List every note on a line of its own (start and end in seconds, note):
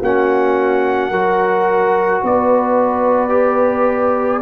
0.00 1.11 A#3
0.00 1.13 C#4
0.00 1.10 F#4
0.00 2.25 F#5
1.10 2.22 F#3
1.10 3.29 F#4
1.10 2.22 A#4
2.22 4.41 B3
2.22 4.41 B4
2.22 4.41 D5
3.29 4.40 G4